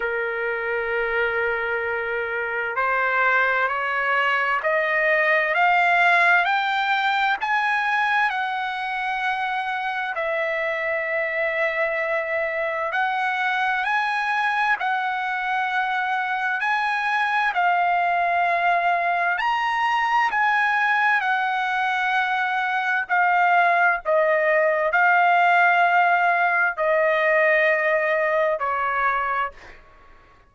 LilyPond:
\new Staff \with { instrumentName = "trumpet" } { \time 4/4 \tempo 4 = 65 ais'2. c''4 | cis''4 dis''4 f''4 g''4 | gis''4 fis''2 e''4~ | e''2 fis''4 gis''4 |
fis''2 gis''4 f''4~ | f''4 ais''4 gis''4 fis''4~ | fis''4 f''4 dis''4 f''4~ | f''4 dis''2 cis''4 | }